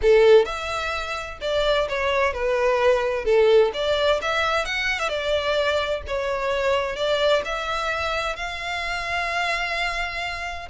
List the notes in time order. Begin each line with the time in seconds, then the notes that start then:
0.01 A4
0.45 E5
1.41 D5
1.88 C#5
2.33 B4
3.25 A4
3.73 D5
4.21 E5
4.65 F#5
4.99 E5
5.08 D5
6.07 C#5
6.95 D5
7.44 E5
8.36 F5